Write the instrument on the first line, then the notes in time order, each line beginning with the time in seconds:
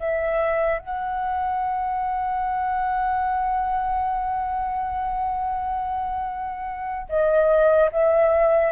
flute
0.00 E5
0.80 F#5
7.09 D#5
7.92 E5